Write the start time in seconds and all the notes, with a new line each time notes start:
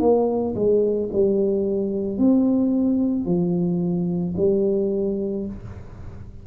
0.00 A#3
0.55 G#3
1.13 G3
2.18 C4
3.25 F3
4.37 G3